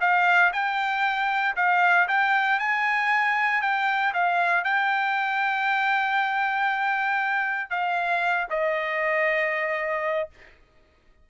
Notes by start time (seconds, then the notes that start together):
0.00 F5
0.52 G5
1.56 F5
2.08 G5
2.59 G#5
3.61 G5
4.13 F5
4.63 G5
7.69 F5
8.49 D#5